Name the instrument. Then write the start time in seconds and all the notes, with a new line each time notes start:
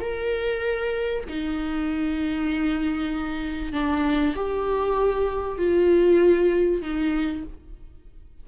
viola
0.00 A#4
1.29 D#4
3.73 D4
4.36 G4
5.58 F4
6.82 D#4